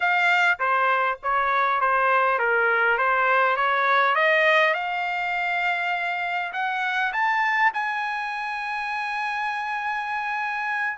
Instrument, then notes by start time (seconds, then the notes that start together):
trumpet
0.00 F5
0.59 C5
1.23 C#5
1.80 C5
2.38 A#4
2.98 C5
3.56 C#5
4.15 D#5
4.74 F5
6.52 F#5
7.12 A5
7.73 G#5